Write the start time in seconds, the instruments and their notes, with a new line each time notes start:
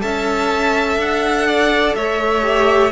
0.00 cello C#4, viola A4, violin E5 A5
0.97 cello D4, violin F#5
1.48 violin D5
1.96 cello A3, violin C#5 E5
2.43 viola G4